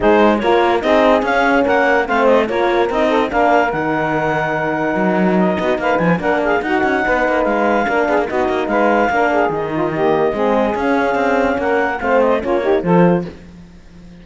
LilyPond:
<<
  \new Staff \with { instrumentName = "clarinet" } { \time 4/4 \tempo 4 = 145 c''4 cis''4 dis''4 f''4 | fis''4 f''8 dis''8 cis''4 dis''4 | f''4 fis''2.~ | fis''4 dis''4 f''8 gis''8 fis''8 f''8 |
fis''2 f''2 | dis''4 f''2 dis''4~ | dis''2 f''2 | fis''4 f''8 dis''8 cis''4 c''4 | }
  \new Staff \with { instrumentName = "saxophone" } { \time 4/4 gis'4 ais'4 gis'2 | ais'4 c''4 ais'4. a'8 | ais'1~ | ais'4. fis'8 b'4 ais'8 gis'8 |
fis'4 b'2 ais'8 gis'8 | fis'4 b'4 ais'8 gis'4 f'8 | g'4 gis'2. | ais'4 c''4 f'8 g'8 a'4 | }
  \new Staff \with { instrumentName = "horn" } { \time 4/4 dis'4 f'4 dis'4 cis'4~ | cis'4 c'4 f'4 dis'4 | d'4 dis'2.~ | dis'2. d'4 |
dis'2. d'4 | dis'2 d'4 dis'4 | ais4 c'4 cis'2~ | cis'4 c'4 cis'8 dis'8 f'4 | }
  \new Staff \with { instrumentName = "cello" } { \time 4/4 gis4 ais4 c'4 cis'4 | ais4 a4 ais4 c'4 | ais4 dis2. | fis4. b8 ais8 f8 ais4 |
dis'8 cis'8 b8 ais8 gis4 ais8 b16 ais16 | b8 ais8 gis4 ais4 dis4~ | dis4 gis4 cis'4 c'4 | ais4 a4 ais4 f4 | }
>>